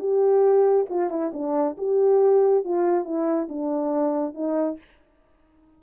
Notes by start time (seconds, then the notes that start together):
0.00 G4
0.90 F4
1.10 E4
1.34 D4
1.78 G4
2.65 F4
3.05 E4
3.50 D4
4.35 D#4